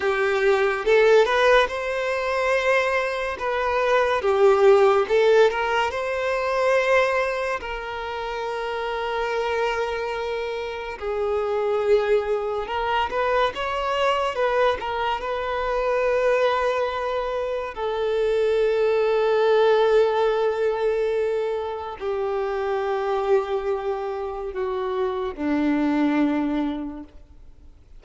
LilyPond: \new Staff \with { instrumentName = "violin" } { \time 4/4 \tempo 4 = 71 g'4 a'8 b'8 c''2 | b'4 g'4 a'8 ais'8 c''4~ | c''4 ais'2.~ | ais'4 gis'2 ais'8 b'8 |
cis''4 b'8 ais'8 b'2~ | b'4 a'2.~ | a'2 g'2~ | g'4 fis'4 d'2 | }